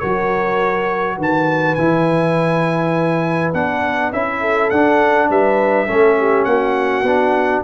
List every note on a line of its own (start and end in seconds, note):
0.00 1.18 F#3
0.00 1.78 F#4
0.00 1.17 A#4
0.00 1.18 C#5
1.17 1.77 D#3
1.17 4.41 B4
1.17 1.75 A5
1.75 3.54 E3
1.75 3.54 E4
1.75 3.52 G#5
3.54 4.13 B3
3.54 4.13 D4
3.54 4.13 F#5
4.13 4.72 C#4
4.13 4.72 E4
4.13 4.70 E5
4.41 5.29 A4
4.70 5.30 D4
4.70 5.88 D4
4.70 5.29 F#5
5.30 5.89 G3
5.30 5.88 B4
5.30 6.45 E5
5.88 6.46 A3
5.88 7.05 C#4
5.88 6.17 A4
6.19 6.48 G4
6.45 7.03 A#3
6.45 7.65 F#4
6.45 7.62 F#5
7.03 7.62 B3
7.03 7.65 D4